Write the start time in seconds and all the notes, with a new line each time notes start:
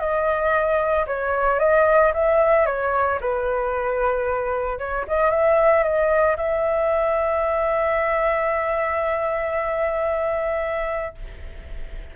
0.00 D#5
1.07 C#5
1.60 D#5
2.14 E5
2.67 C#5
3.21 B4
4.79 C#5
5.08 D#5
5.31 E5
5.84 D#5
6.37 E5